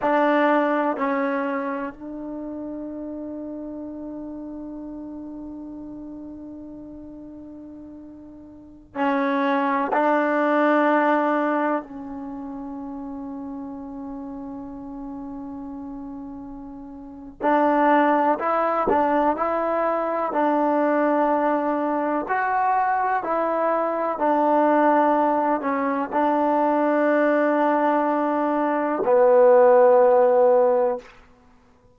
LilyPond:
\new Staff \with { instrumentName = "trombone" } { \time 4/4 \tempo 4 = 62 d'4 cis'4 d'2~ | d'1~ | d'4~ d'16 cis'4 d'4.~ d'16~ | d'16 cis'2.~ cis'8.~ |
cis'2 d'4 e'8 d'8 | e'4 d'2 fis'4 | e'4 d'4. cis'8 d'4~ | d'2 b2 | }